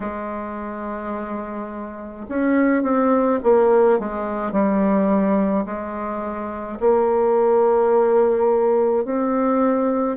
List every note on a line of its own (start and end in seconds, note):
0.00 2.26 G#3
2.28 2.83 C#4
2.83 3.39 C4
3.43 3.99 A#3
3.99 4.52 G#3
4.52 5.65 G3
5.65 6.78 G#3
6.79 9.04 A#3
9.04 10.17 C4